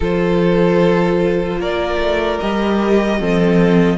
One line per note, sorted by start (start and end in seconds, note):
0.00 1.57 F3
0.00 2.41 F4
0.00 1.59 A4
0.00 1.61 C5
1.57 1.97 A#3
1.57 3.19 A#4
1.57 2.40 D5
1.99 2.39 A3
2.40 3.20 G3
2.40 3.19 G4
2.40 3.97 D#5
3.19 3.97 F3
3.19 3.97 C4
3.19 3.97 A4